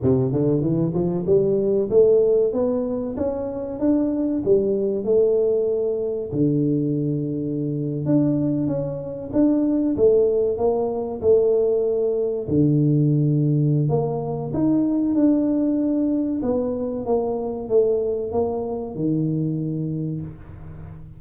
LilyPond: \new Staff \with { instrumentName = "tuba" } { \time 4/4 \tempo 4 = 95 c8 d8 e8 f8 g4 a4 | b4 cis'4 d'4 g4 | a2 d2~ | d8. d'4 cis'4 d'4 a16~ |
a8. ais4 a2 d16~ | d2 ais4 dis'4 | d'2 b4 ais4 | a4 ais4 dis2 | }